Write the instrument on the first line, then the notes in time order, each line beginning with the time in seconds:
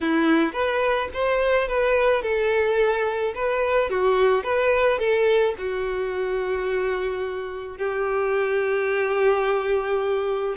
violin
0.00 E4
0.53 B4
1.13 C5
1.67 B4
2.22 A4
3.34 B4
3.89 F#4
4.43 B4
4.98 A4
5.58 F#4
7.77 G4